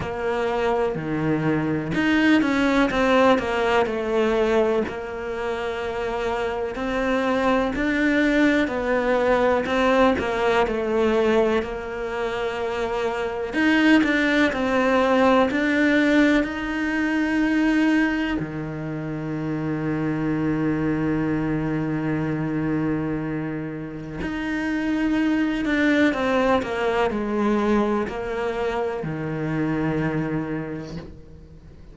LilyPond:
\new Staff \with { instrumentName = "cello" } { \time 4/4 \tempo 4 = 62 ais4 dis4 dis'8 cis'8 c'8 ais8 | a4 ais2 c'4 | d'4 b4 c'8 ais8 a4 | ais2 dis'8 d'8 c'4 |
d'4 dis'2 dis4~ | dis1~ | dis4 dis'4. d'8 c'8 ais8 | gis4 ais4 dis2 | }